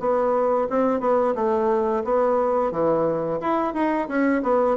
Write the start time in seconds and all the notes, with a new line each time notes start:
0.00 B3
0.70 C4
1.00 B3
1.35 A3
2.04 B3
2.72 E3
3.41 E4
3.74 D#4
4.08 C#4
4.43 B3